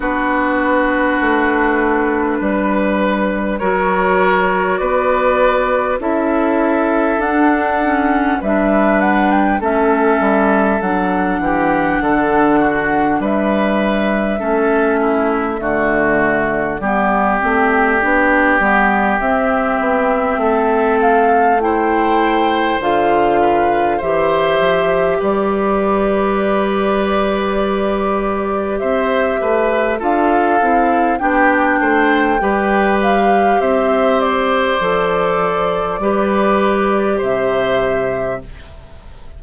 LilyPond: <<
  \new Staff \with { instrumentName = "flute" } { \time 4/4 \tempo 4 = 50 b'2. cis''4 | d''4 e''4 fis''4 e''8 fis''16 g''16 | e''4 fis''2 e''4~ | e''4 d''2. |
e''4. f''8 g''4 f''4 | e''4 d''2. | e''4 f''4 g''4. f''8 | e''8 d''2~ d''8 e''4 | }
  \new Staff \with { instrumentName = "oboe" } { \time 4/4 fis'2 b'4 ais'4 | b'4 a'2 b'4 | a'4. g'8 a'8 fis'8 b'4 | a'8 e'8 fis'4 g'2~ |
g'4 a'4 c''4. b'8 | c''4 b'2. | c''8 b'8 a'4 g'8 c''8 b'4 | c''2 b'4 c''4 | }
  \new Staff \with { instrumentName = "clarinet" } { \time 4/4 d'2. fis'4~ | fis'4 e'4 d'8 cis'8 d'4 | cis'4 d'2. | cis'4 a4 b8 c'8 d'8 b8 |
c'2 e'4 f'4 | g'1~ | g'4 f'8 e'8 d'4 g'4~ | g'4 a'4 g'2 | }
  \new Staff \with { instrumentName = "bassoon" } { \time 4/4 b4 a4 g4 fis4 | b4 cis'4 d'4 g4 | a8 g8 fis8 e8 d4 g4 | a4 d4 g8 a8 b8 g8 |
c'8 b8 a2 d4 | e8 f8 g2. | c'8 a8 d'8 c'8 b8 a8 g4 | c'4 f4 g4 c4 | }
>>